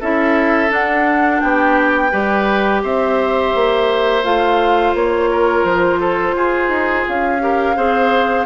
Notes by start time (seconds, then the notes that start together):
0.00 C#4 E4 A4 E5
0.69 D4 F#5
1.40 B3 G4 G5
2.11 G3 G4 B4
2.83 C4 C5 E5
3.55 A#3
4.23 A3 F4 F5
4.94 A#3 C#5
5.31 A#4
5.64 F3 C5
6.00 A4
6.35 F4 G#4
6.69 D#4
7.07 C#4 F5
7.40 G4 A#4
7.76 C4 G#4 C5